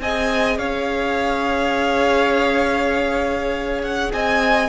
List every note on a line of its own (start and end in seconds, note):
0.00 0.58 C4
0.00 4.69 G#4
0.00 0.59 D#5
0.00 0.58 G#5
0.58 4.11 C#4
0.58 4.12 C#5
0.58 3.81 F5
3.82 4.11 F#5
4.12 4.69 C4
4.12 4.69 D#5
4.12 4.69 G#5